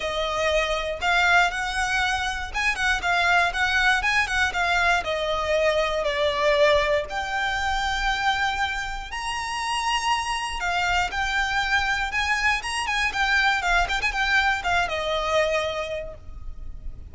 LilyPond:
\new Staff \with { instrumentName = "violin" } { \time 4/4 \tempo 4 = 119 dis''2 f''4 fis''4~ | fis''4 gis''8 fis''8 f''4 fis''4 | gis''8 fis''8 f''4 dis''2 | d''2 g''2~ |
g''2 ais''2~ | ais''4 f''4 g''2 | gis''4 ais''8 gis''8 g''4 f''8 g''16 gis''16 | g''4 f''8 dis''2~ dis''8 | }